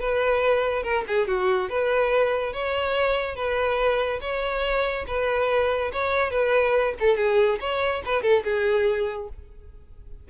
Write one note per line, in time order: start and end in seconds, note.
0.00 0.83 B4
0.83 1.04 A#4
1.07 1.28 G#4
1.28 1.69 F#4
1.69 2.53 B4
2.53 3.35 C#5
3.35 4.20 B4
4.21 5.06 C#5
5.07 5.92 B4
5.93 6.31 C#5
6.31 6.94 B4
7.00 7.17 A4
7.17 7.59 G#4
7.60 8.02 C#5
8.06 8.22 B4
8.22 8.44 A4
8.44 9.29 G#4